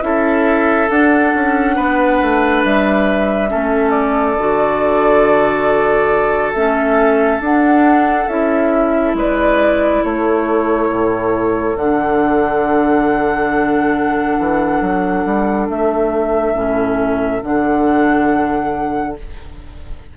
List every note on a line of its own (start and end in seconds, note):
0.00 0.89 C#4
0.00 0.87 E4
0.00 1.76 A4
0.00 0.89 E5
0.89 1.33 D4
0.89 3.49 D4
0.89 2.63 F#5
1.34 1.76 C#4
1.76 2.20 B3
1.76 3.49 B4
2.21 2.64 A3
2.64 3.51 G3
2.64 3.90 E5
3.49 4.36 A3
3.49 4.36 C#4
3.49 9.15 A4
3.90 6.51 D5
4.36 6.54 D3
4.36 6.55 F#4
6.53 7.39 A3
6.53 7.42 C#4
6.53 7.40 E5
7.39 8.26 D4
7.39 8.29 D4
7.39 8.27 F#5
8.27 9.14 C#4
8.27 11.76 E4
8.27 9.14 E5
9.14 10.01 G#3
9.14 10.03 B4
9.14 10.03 D5
10.03 10.88 A3
10.03 19.16 A4
10.03 11.76 C#5
10.88 11.75 A2
11.76 14.37 D3
11.76 16.55 D4
11.76 15.67 F#5
14.39 14.80 E3
14.80 15.24 F#3
15.25 15.68 G3
15.68 16.53 A3
15.68 17.42 E5
16.53 17.40 A2
16.53 17.41 C#4
17.42 19.17 D3
17.42 19.16 D4
17.42 19.16 F#5